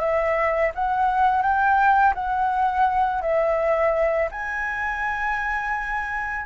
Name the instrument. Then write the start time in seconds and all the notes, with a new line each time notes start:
flute
0.00 E5
0.75 F#5
1.42 G5
2.15 F#5
3.22 E5
4.31 G#5